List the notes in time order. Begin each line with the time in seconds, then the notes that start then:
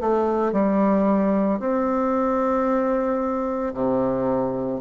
0.00 A3
0.52 G3
1.59 C4
3.74 C3